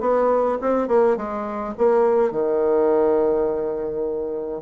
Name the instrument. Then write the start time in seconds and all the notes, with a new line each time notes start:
bassoon
0.00 B3
0.61 C4
0.87 A#3
1.16 G#3
1.78 A#3
2.31 D#3